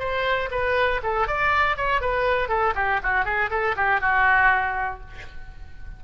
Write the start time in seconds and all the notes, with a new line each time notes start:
0.00 C5
0.51 B4
1.03 A4
1.28 D5
1.77 C#5
2.01 B4
2.49 A4
2.75 G4
3.04 F#4
3.25 G#4
3.51 A4
3.77 G4
4.01 F#4